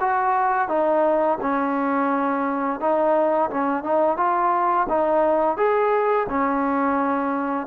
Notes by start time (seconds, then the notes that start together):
0.00 F#4
0.68 D#4
1.41 C#4
2.80 D#4
3.50 C#4
3.83 D#4
4.17 F4
4.89 D#4
5.57 G#4
6.29 C#4